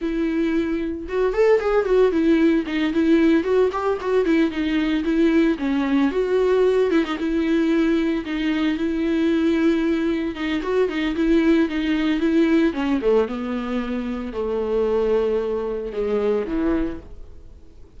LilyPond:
\new Staff \with { instrumentName = "viola" } { \time 4/4 \tempo 4 = 113 e'2 fis'8 a'8 gis'8 fis'8 | e'4 dis'8 e'4 fis'8 g'8 fis'8 | e'8 dis'4 e'4 cis'4 fis'8~ | fis'4 e'16 dis'16 e'2 dis'8~ |
dis'8 e'2. dis'8 | fis'8 dis'8 e'4 dis'4 e'4 | cis'8 a8 b2 a4~ | a2 gis4 e4 | }